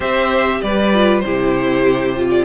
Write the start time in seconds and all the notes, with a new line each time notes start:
0.00 C4 G4 C5 E5
0.61 G3 B4 D5
0.94 F4
1.19 C3 E4 G4 C5
2.16 F4
2.30 D5